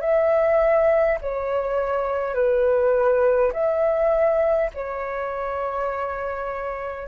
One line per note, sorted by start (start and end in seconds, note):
0.00 1.18 E5
1.21 2.34 C#5
2.34 3.52 B4
3.53 4.71 E5
4.74 7.08 C#5